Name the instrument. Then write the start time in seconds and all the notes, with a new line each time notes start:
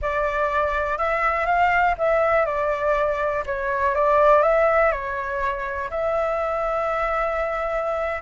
flute
0.01 D5
0.97 E5
1.46 F5
1.98 E5
2.45 D5
3.46 C#5
3.95 D5
4.42 E5
4.91 C#5
5.90 E5